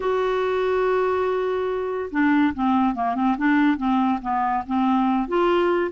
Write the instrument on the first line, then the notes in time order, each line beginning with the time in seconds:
clarinet
0.00 F#4
2.11 D4
2.54 C4
2.94 A#3
3.15 C4
3.37 D4
3.77 C4
4.21 B3
4.67 C4
5.28 F4